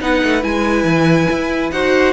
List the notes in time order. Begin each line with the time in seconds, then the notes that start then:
0.00 B3 D#4 B4 F#5
0.24 A3
0.41 G#3 E4 G#5
0.84 E3
1.31 E4
1.71 D#4 F#4 C5 F#5